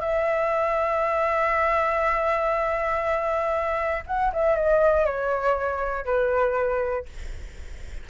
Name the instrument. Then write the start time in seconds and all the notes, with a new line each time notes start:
flute
0.00 E5
4.06 F#5
4.33 E5
4.55 D#5
5.05 C#5
6.05 B4